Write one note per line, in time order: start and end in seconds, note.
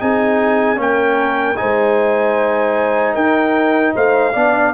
0.00 0.77 C4
0.00 0.76 D#4
0.00 0.80 G#4
0.00 0.80 G#5
0.76 1.56 A#3
0.76 1.55 C#4
0.76 1.60 A#4
0.76 1.57 G5
1.57 3.15 G#3
1.57 4.33 D#4
1.57 3.14 C5
1.57 3.15 G#5
3.14 3.94 D#4
3.14 3.93 A#4
3.14 3.94 G5
3.94 4.35 A3
3.94 4.33 C5
3.94 4.74 F5
4.33 4.74 B3
4.33 4.74 D4
4.33 4.73 D5